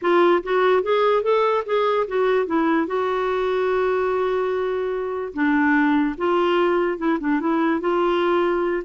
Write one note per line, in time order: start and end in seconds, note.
0.01 0.42 F4
0.43 0.83 F#4
0.83 1.22 G#4
1.22 1.63 A4
1.65 2.06 G#4
2.07 2.46 F#4
2.46 2.86 E4
2.86 5.33 F#4
5.33 6.15 D4
6.17 6.98 F4
6.98 7.18 E4
7.20 7.40 D4
7.40 7.80 E4
7.80 8.83 F4